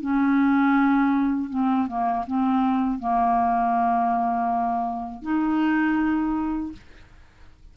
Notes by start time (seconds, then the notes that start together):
0.00 C#4
1.49 C4
1.87 A#3
2.26 C4
2.99 A#3
5.22 D#4